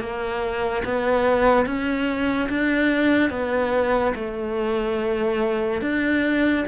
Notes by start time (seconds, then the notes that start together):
0.00 A#3
0.85 B3
1.66 C#4
2.50 D4
3.31 B3
4.16 A3
5.82 D4